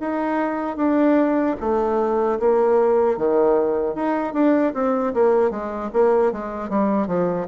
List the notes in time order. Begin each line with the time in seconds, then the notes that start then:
0.00 D#4
0.76 D4
1.60 A3
2.39 A#3
3.17 D#3
3.95 D#4
4.33 D4
4.74 C4
5.14 A#3
5.50 G#3
5.93 A#3
6.32 G#3
6.69 G3
7.07 F3